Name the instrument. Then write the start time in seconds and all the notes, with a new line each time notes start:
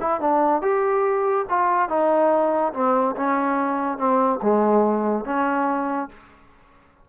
trombone
0.00 E4
0.21 D4
0.62 G4
1.49 F4
1.89 D#4
2.73 C4
3.16 C#4
3.98 C4
4.42 G#3
5.25 C#4